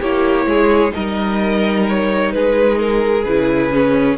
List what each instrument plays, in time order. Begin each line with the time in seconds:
0.00 cello A#3, viola E4, violin G4 C#5
0.46 cello G#3, violin G#4
0.91 cello G3, viola D#4, violin A#4 D#5
1.89 violin C#5
2.32 cello G#3, violin G#4 B4
2.78 violin A#4
3.24 cello C#3, viola E4, violin B4
3.73 viola C#4